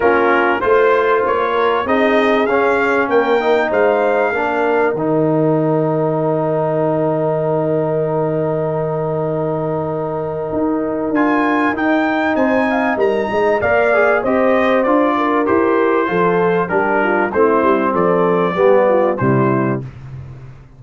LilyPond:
<<
  \new Staff \with { instrumentName = "trumpet" } { \time 4/4 \tempo 4 = 97 ais'4 c''4 cis''4 dis''4 | f''4 g''4 f''2 | g''1~ | g''1~ |
g''2 gis''4 g''4 | gis''4 ais''4 f''4 dis''4 | d''4 c''2 ais'4 | c''4 d''2 c''4 | }
  \new Staff \with { instrumentName = "horn" } { \time 4/4 f'4 c''4. ais'8 gis'4~ | gis'4 ais'4 c''4 ais'4~ | ais'1~ | ais'1~ |
ais'1 | c''8 f''8 ais'8 dis''8 d''4 c''4~ | c''8 ais'4. a'4 g'8 f'8 | e'4 a'4 g'8 f'8 e'4 | }
  \new Staff \with { instrumentName = "trombone" } { \time 4/4 cis'4 f'2 dis'4 | cis'4. dis'4. d'4 | dis'1~ | dis'1~ |
dis'2 f'4 dis'4~ | dis'2 ais'8 gis'8 g'4 | f'4 g'4 f'4 d'4 | c'2 b4 g4 | }
  \new Staff \with { instrumentName = "tuba" } { \time 4/4 ais4 a4 ais4 c'4 | cis'4 ais4 gis4 ais4 | dis1~ | dis1~ |
dis4 dis'4 d'4 dis'4 | c'4 g8 gis8 ais4 c'4 | d'4 e'4 f4 g4 | a8 g8 f4 g4 c4 | }
>>